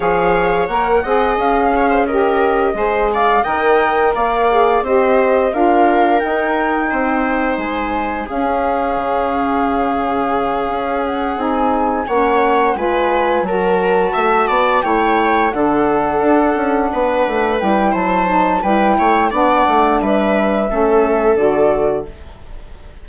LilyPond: <<
  \new Staff \with { instrumentName = "flute" } { \time 4/4 \tempo 4 = 87 f''4 fis''4 f''4 dis''4~ | dis''8 f''8 g''4 f''4 dis''4 | f''4 g''2 gis''4 | f''1 |
fis''8 gis''4 fis''4 gis''4 a''8~ | a''4. g''4 fis''4.~ | fis''4. g''8 a''4 g''4 | fis''4 e''2 d''4 | }
  \new Staff \with { instrumentName = "viola" } { \time 4/4 cis''4. dis''4 cis''16 c''16 ais'4 | c''8 d''8 dis''4 d''4 c''4 | ais'2 c''2 | gis'1~ |
gis'4. cis''4 b'4 ais'8~ | ais'8 e''8 d''8 cis''4 a'4.~ | a'8 b'4. c''4 b'8 cis''8 | d''4 b'4 a'2 | }
  \new Staff \with { instrumentName = "saxophone" } { \time 4/4 gis'4 ais'8 gis'4. g'4 | gis'4 ais'4. gis'8 g'4 | f'4 dis'2. | cis'1~ |
cis'8 dis'4 cis'4 f'4 fis'8~ | fis'4. e'4 d'4.~ | d'4. e'4 dis'8 e'4 | d'2 cis'4 fis'4 | }
  \new Staff \with { instrumentName = "bassoon" } { \time 4/4 f4 ais8 c'8 cis'2 | gis4 dis4 ais4 c'4 | d'4 dis'4 c'4 gis4 | cis'4 cis2~ cis8 cis'8~ |
cis'8 c'4 ais4 gis4 fis8~ | fis8 a8 b8 a4 d4 d'8 | cis'8 b8 a8 g8 fis4 g8 a8 | b8 a8 g4 a4 d4 | }
>>